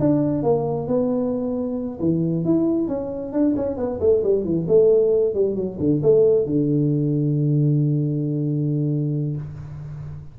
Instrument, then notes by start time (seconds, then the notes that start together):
tuba
0.00 D4
0.43 A#3
0.88 B3
2.00 E3
2.45 E4
2.88 C#4
3.33 D4
3.56 C#4
3.77 B3
4.00 A3
4.23 G3
4.44 E3
4.68 A3
5.34 G3
5.55 F#3
5.80 D3
6.02 A3
6.46 D3